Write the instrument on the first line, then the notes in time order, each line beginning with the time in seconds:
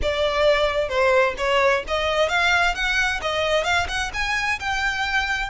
violin
0.01 D5
0.88 C5
1.37 C#5
1.87 D#5
2.29 F5
2.74 F#5
3.21 D#5
3.63 F5
3.88 F#5
4.13 G#5
4.59 G5